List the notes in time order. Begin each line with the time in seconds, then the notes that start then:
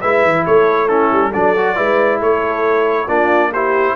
0.00 G#3 E4 B4 E5
0.24 E3
0.46 A3 A4 C#5
0.86 C#4 E4 A4
1.12 G3
1.32 F#3 D4 A4 D5
1.56 F#4
1.76 G#3 E4 B4
2.19 A3 A4 C#5
3.07 A#3 D4 F4 D5
3.51 E4 G4 C5